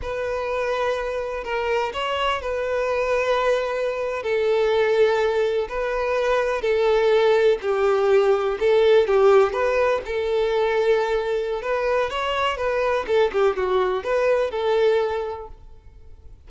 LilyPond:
\new Staff \with { instrumentName = "violin" } { \time 4/4 \tempo 4 = 124 b'2. ais'4 | cis''4 b'2.~ | b'8. a'2. b'16~ | b'4.~ b'16 a'2 g'16~ |
g'4.~ g'16 a'4 g'4 b'16~ | b'8. a'2.~ a'16 | b'4 cis''4 b'4 a'8 g'8 | fis'4 b'4 a'2 | }